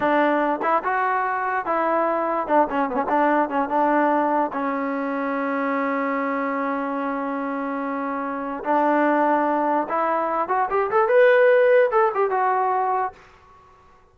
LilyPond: \new Staff \with { instrumentName = "trombone" } { \time 4/4 \tempo 4 = 146 d'4. e'8 fis'2 | e'2 d'8 cis'8 b16 cis'16 d'8~ | d'8 cis'8 d'2 cis'4~ | cis'1~ |
cis'1~ | cis'4 d'2. | e'4. fis'8 g'8 a'8 b'4~ | b'4 a'8 g'8 fis'2 | }